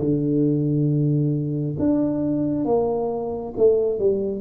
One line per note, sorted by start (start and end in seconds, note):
0.00 1.76 D3
1.79 2.65 D4
2.65 3.53 A#3
3.57 3.99 A3
3.99 4.41 G3